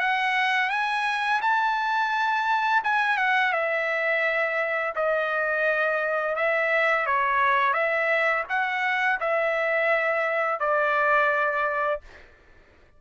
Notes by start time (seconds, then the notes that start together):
0.00 F#5
0.70 G#5
1.41 A5
2.84 G#5
3.18 F#5
3.53 E5
4.95 D#5
6.36 E5
7.06 C#5
7.73 E5
8.49 F#5
9.20 E5
10.60 D5